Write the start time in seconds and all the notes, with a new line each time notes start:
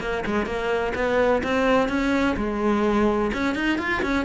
0.00 A#3
0.26 G#3
0.46 A#3
0.95 B3
1.43 C4
1.88 C#4
2.37 G#3
3.33 C#4
3.55 D#4
3.78 F4
4.02 C#4